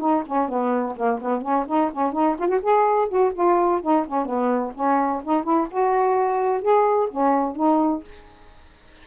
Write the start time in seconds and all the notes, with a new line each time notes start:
0.00 D#4
0.26 C#4
0.49 B3
0.96 A#3
1.22 B3
1.42 C#4
1.67 D#4
1.92 C#4
2.13 D#4
2.39 F4
2.48 F#4
2.62 G#4
3.09 F#4
3.34 F4
3.82 D#4
4.07 C#4
4.26 B3
4.75 C#4
5.24 D#4
5.44 E4
5.71 F#4
6.62 G#4
7.11 C#4
7.56 D#4